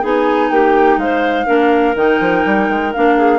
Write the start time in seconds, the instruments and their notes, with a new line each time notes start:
0.00 bassoon B3, clarinet D#4 G#4, flute G#5
0.50 bassoon A#3, clarinet G4, flute G5
0.97 bassoon G#3, clarinet C5, flute F5
1.46 bassoon A#3, clarinet D4 A#4
1.95 bassoon D#3, clarinet D#4, flute G5
2.20 bassoon F3
2.45 bassoon G3
2.69 bassoon G#3
2.93 bassoon A#3, clarinet D4, flute F5
3.17 clarinet G#4